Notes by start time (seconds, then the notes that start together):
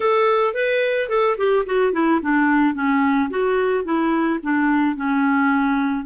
0.00 A4
0.54 B4
1.09 A4
1.37 G4
1.66 F#4
1.93 E4
2.21 D4
2.74 C#4
3.30 F#4
3.84 E4
4.42 D4
4.96 C#4